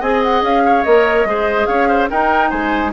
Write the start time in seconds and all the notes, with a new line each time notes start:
0.00 C4 G#4 D#5 G#5
0.23 F#5
0.42 C#4 F5
0.66 C#5
0.84 A#3 A#4 D#5
1.25 G#3 G#4 C5
1.66 C#4 C#5 F5
1.89 C5
2.10 D#4 A#4 G5
2.50 G#3 C5 G#5